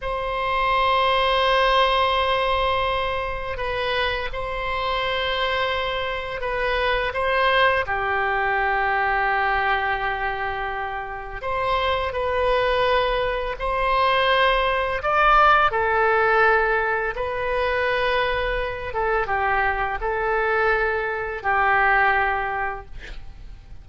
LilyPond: \new Staff \with { instrumentName = "oboe" } { \time 4/4 \tempo 4 = 84 c''1~ | c''4 b'4 c''2~ | c''4 b'4 c''4 g'4~ | g'1 |
c''4 b'2 c''4~ | c''4 d''4 a'2 | b'2~ b'8 a'8 g'4 | a'2 g'2 | }